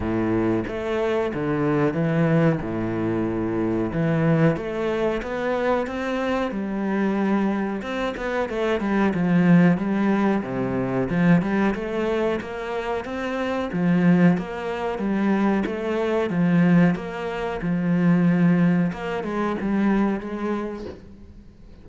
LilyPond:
\new Staff \with { instrumentName = "cello" } { \time 4/4 \tempo 4 = 92 a,4 a4 d4 e4 | a,2 e4 a4 | b4 c'4 g2 | c'8 b8 a8 g8 f4 g4 |
c4 f8 g8 a4 ais4 | c'4 f4 ais4 g4 | a4 f4 ais4 f4~ | f4 ais8 gis8 g4 gis4 | }